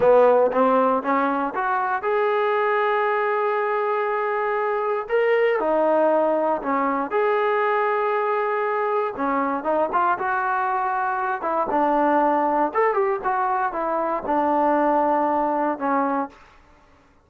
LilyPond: \new Staff \with { instrumentName = "trombone" } { \time 4/4 \tempo 4 = 118 b4 c'4 cis'4 fis'4 | gis'1~ | gis'2 ais'4 dis'4~ | dis'4 cis'4 gis'2~ |
gis'2 cis'4 dis'8 f'8 | fis'2~ fis'8 e'8 d'4~ | d'4 a'8 g'8 fis'4 e'4 | d'2. cis'4 | }